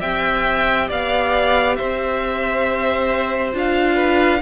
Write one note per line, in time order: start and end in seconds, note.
0.00 0.90 C4
0.00 3.53 G4
0.00 0.88 E5
0.00 0.89 G5
0.88 1.79 B3
0.88 1.76 D5
0.88 1.76 F5
1.76 3.54 C4
1.76 3.95 C5
1.76 3.53 E5
3.53 4.42 D4
3.53 4.41 F4
3.53 4.42 F5
3.95 4.40 B4